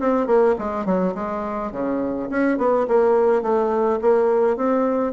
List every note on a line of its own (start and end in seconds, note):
0.00 0.27 C4
0.27 0.55 A#3
0.59 0.86 G#3
0.86 1.14 F#3
1.15 1.72 G#3
1.72 2.29 C#3
2.30 2.58 C#4
2.58 2.87 B3
2.88 3.43 A#3
3.43 4.00 A3
4.02 4.57 A#3
4.57 5.14 C4